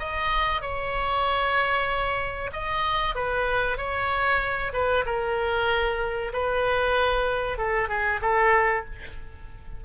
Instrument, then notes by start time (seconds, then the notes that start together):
oboe
0.00 D#5
0.62 C#5
2.53 D#5
3.16 B4
3.78 C#5
4.73 B4
5.06 A#4
6.33 B4
7.58 A4
7.89 G#4
8.22 A4